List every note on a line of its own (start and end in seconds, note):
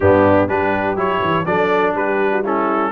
0.00 0.48 G2
0.00 0.48 B3
0.00 0.48 D4
0.00 0.49 G4
0.48 0.96 G3
0.48 0.96 D4
0.48 1.46 G4
0.48 0.97 B4
0.96 1.20 F#3
0.96 1.45 E4
0.96 1.45 C#5
1.21 1.45 E3
1.45 1.95 F#3
1.45 2.43 D4
1.45 1.96 A4
1.45 1.94 D5
1.95 2.92 G3
1.95 2.32 G4
1.95 2.45 B4
2.32 2.43 F#4
2.43 2.92 C#4
2.43 2.92 E4
2.43 2.92 A4